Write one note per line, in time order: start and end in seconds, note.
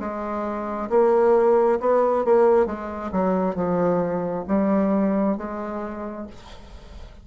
0.00 0.90 G#3
0.90 1.80 A#3
1.80 2.25 B3
2.25 2.67 A#3
2.67 3.11 G#3
3.13 3.55 F#3
3.55 4.45 F3
4.48 5.37 G3
5.37 6.27 G#3